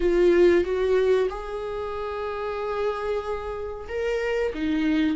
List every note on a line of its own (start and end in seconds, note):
0.00 0.64 F4
0.64 1.28 F#4
1.29 3.87 G#4
3.88 4.52 A#4
4.54 5.16 D#4